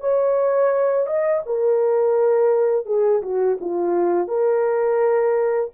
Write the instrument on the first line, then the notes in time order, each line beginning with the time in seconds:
horn
0.00 C#5
1.06 D#5
1.46 A#4
2.86 G#4
3.22 F#4
3.61 F4
4.28 A#4